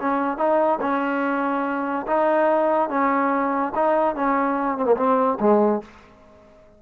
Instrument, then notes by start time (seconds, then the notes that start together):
trombone
0.00 C#4
0.37 D#4
0.81 C#4
2.07 D#4
2.89 C#4
3.75 D#4
4.15 C#4
4.77 C4
4.85 A#3
4.96 C4
5.40 G#3